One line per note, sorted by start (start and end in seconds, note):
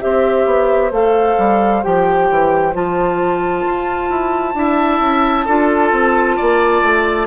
0.00 0.45 C4
0.00 0.91 G4
0.00 4.58 C5
0.00 0.91 E5
0.45 0.91 B3
0.91 1.36 A3
0.91 1.83 A4
0.91 1.83 F5
1.38 1.83 G3
1.83 2.30 F3
1.83 2.74 G4
1.83 2.74 G5
2.30 2.74 E3
2.74 3.65 F3
2.74 4.55 F4
2.74 7.27 A5
3.66 4.10 F4
4.10 4.54 E4
4.54 5.00 D4
4.54 5.46 E4
4.54 5.45 E5
5.00 5.45 C#4
5.45 5.92 D4
5.45 7.27 F4
5.45 6.36 A4
5.92 6.37 C4
6.36 6.82 A#3
6.36 7.27 D5
6.82 7.27 A3